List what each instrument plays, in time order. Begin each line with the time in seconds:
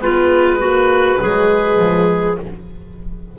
0.00 double bass G#3, horn B3, clarinet F4, oboe B4
0.59 horn A#3, clarinet F#4
1.19 double bass F#3, horn G#3, clarinet G#4
1.79 double bass F3